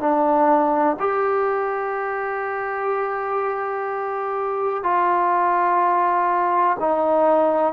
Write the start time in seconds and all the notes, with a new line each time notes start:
0.00 D4
1.00 G4
4.84 F4
6.80 D#4